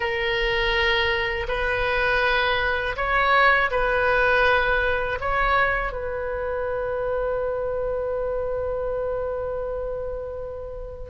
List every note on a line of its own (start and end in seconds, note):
0.00 1.46 A#4
1.47 2.96 B4
2.96 3.70 C#5
3.70 5.19 B4
5.20 5.92 C#5
5.92 11.09 B4